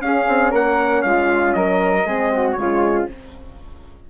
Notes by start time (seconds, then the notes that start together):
0.00 C#4 G#4 F5
0.28 C4
0.50 A#3 A#4 F#5
1.02 G#3 F4 F5
1.53 F#3 A#4 D#5
2.05 G#3 C4 G#4
2.33 F#4
2.52 C#3 G#3 C#5
2.59 F4